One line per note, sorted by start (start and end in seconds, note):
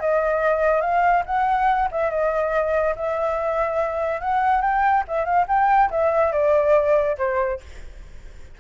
0.00 0.81 D#5
0.81 1.24 F5
1.26 1.89 F#5
1.92 2.11 E5
2.11 2.95 D#5
2.96 4.21 E5
4.21 4.62 F#5
4.62 5.04 G5
5.08 5.25 E5
5.25 5.46 F5
5.48 5.90 G5
5.91 6.32 E5
6.32 7.17 D5
7.18 7.61 C5